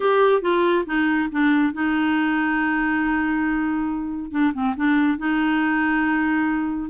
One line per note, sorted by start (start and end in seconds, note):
0.00 0.41 G4
0.41 0.84 F4
0.86 1.29 D#4
1.31 1.73 D4
1.73 4.31 D#4
4.31 4.52 D4
4.53 4.75 C4
4.76 5.18 D4
5.18 6.90 D#4